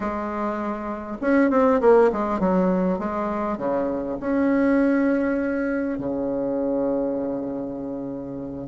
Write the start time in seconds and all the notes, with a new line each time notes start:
0.00 G#3
1.21 C#4
1.50 C4
1.80 A#3
2.12 G#3
2.39 F#3
2.98 G#3
3.57 C#3
4.19 C#4
5.98 C#3